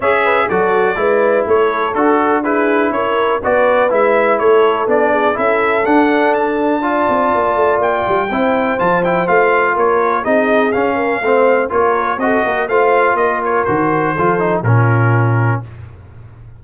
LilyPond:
<<
  \new Staff \with { instrumentName = "trumpet" } { \time 4/4 \tempo 4 = 123 e''4 d''2 cis''4 | a'4 b'4 cis''4 d''4 | e''4 cis''4 d''4 e''4 | fis''4 a''2. |
g''2 a''8 g''8 f''4 | cis''4 dis''4 f''2 | cis''4 dis''4 f''4 dis''8 cis''8 | c''2 ais'2 | }
  \new Staff \with { instrumentName = "horn" } { \time 4/4 cis''8 b'8 a'4 b'4 a'4~ | a'4 gis'4 ais'4 b'4~ | b'4 a'4. gis'8 a'4~ | a'2 d''2~ |
d''4 c''2. | ais'4 gis'4. ais'8 c''4 | ais'4 a'8 ais'8 c''4 ais'4~ | ais'4 a'4 f'2 | }
  \new Staff \with { instrumentName = "trombone" } { \time 4/4 gis'4 fis'4 e'2 | fis'4 e'2 fis'4 | e'2 d'4 e'4 | d'2 f'2~ |
f'4 e'4 f'8 e'8 f'4~ | f'4 dis'4 cis'4 c'4 | f'4 fis'4 f'2 | fis'4 f'8 dis'8 cis'2 | }
  \new Staff \with { instrumentName = "tuba" } { \time 4/4 cis'4 fis4 gis4 a4 | d'2 cis'4 b4 | gis4 a4 b4 cis'4 | d'2~ d'8 c'8 ais8 a8 |
ais8 g8 c'4 f4 a4 | ais4 c'4 cis'4 a4 | ais4 c'8 ais8 a4 ais4 | dis4 f4 ais,2 | }
>>